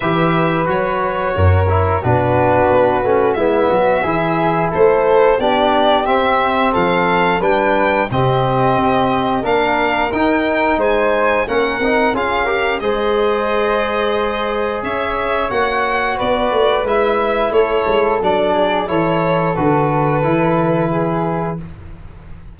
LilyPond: <<
  \new Staff \with { instrumentName = "violin" } { \time 4/4 \tempo 4 = 89 e''4 cis''2 b'4~ | b'4 e''2 c''4 | d''4 e''4 f''4 g''4 | dis''2 f''4 g''4 |
gis''4 fis''4 f''4 dis''4~ | dis''2 e''4 fis''4 | d''4 e''4 cis''4 d''4 | cis''4 b'2. | }
  \new Staff \with { instrumentName = "flute" } { \time 4/4 b'2 ais'4 fis'4~ | fis'4 e'8 fis'8 gis'4 a'4 | g'2 a'4 b'4 | g'2 ais'2 |
c''4 ais'4 gis'8 ais'8 c''4~ | c''2 cis''2 | b'2 a'4. gis'8 | a'2. gis'4 | }
  \new Staff \with { instrumentName = "trombone" } { \time 4/4 g'4 fis'4. e'8 d'4~ | d'8 cis'8 b4 e'2 | d'4 c'2 d'4 | c'2 d'4 dis'4~ |
dis'4 cis'8 dis'8 f'8 g'8 gis'4~ | gis'2. fis'4~ | fis'4 e'2 d'4 | e'4 fis'4 e'2 | }
  \new Staff \with { instrumentName = "tuba" } { \time 4/4 e4 fis4 fis,4 b,4 | b8 a8 gis8 fis8 e4 a4 | b4 c'4 f4 g4 | c4 c'4 ais4 dis'4 |
gis4 ais8 c'8 cis'4 gis4~ | gis2 cis'4 ais4 | b8 a8 gis4 a8 gis8 fis4 | e4 d4 e2 | }
>>